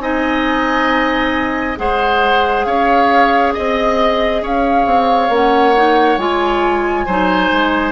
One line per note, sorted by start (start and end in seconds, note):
0.00 1.76 C4
0.00 1.76 D#4
0.00 1.79 D#5
0.00 1.77 G#5
1.76 2.66 G#3
1.76 5.29 G#4
1.76 2.66 C5
1.76 2.64 F#5
2.64 3.54 C#4
2.64 3.53 C#5
2.64 3.53 F5
3.53 4.42 C4
3.53 4.42 D#5
3.53 4.44 D#5
4.42 4.86 C#4
4.42 7.06 C#5
4.42 5.33 F5
4.86 5.29 C4
5.29 6.17 A#3
5.29 5.75 C#4
5.29 6.18 F#5
5.75 6.18 D#4
6.17 7.05 G#3
6.17 7.07 F4
6.17 7.92 G#5
7.06 7.51 F#3
7.06 7.92 D#4
7.06 7.92 C5
7.51 7.92 G#3